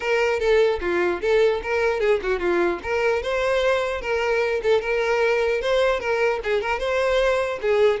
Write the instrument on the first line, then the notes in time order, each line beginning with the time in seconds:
violin
0.00 A#4
0.39 A4
0.81 F4
1.21 A4
1.63 A#4
2.00 G#4
2.22 F#4
2.39 F4
2.83 A#4
3.22 C5
4.01 A#4
4.63 A4
4.81 A#4
5.61 C5
6.00 A#4
6.43 G#4
6.61 A#4
6.79 C5
7.61 G#4